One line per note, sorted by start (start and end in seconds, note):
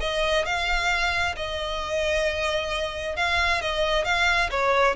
0.00 0.45 D#5
0.45 1.35 F5
1.36 3.16 D#5
3.16 3.61 F5
3.61 4.05 D#5
4.05 4.50 F5
4.51 4.96 C#5